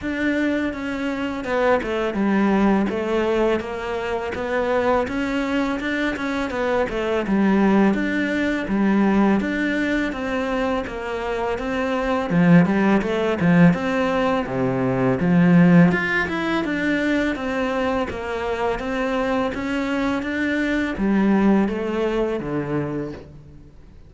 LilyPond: \new Staff \with { instrumentName = "cello" } { \time 4/4 \tempo 4 = 83 d'4 cis'4 b8 a8 g4 | a4 ais4 b4 cis'4 | d'8 cis'8 b8 a8 g4 d'4 | g4 d'4 c'4 ais4 |
c'4 f8 g8 a8 f8 c'4 | c4 f4 f'8 e'8 d'4 | c'4 ais4 c'4 cis'4 | d'4 g4 a4 d4 | }